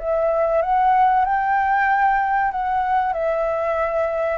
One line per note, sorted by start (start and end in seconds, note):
0.00 0.62 E5
0.62 1.25 F#5
1.25 2.51 G5
2.52 3.13 F#5
3.13 4.39 E5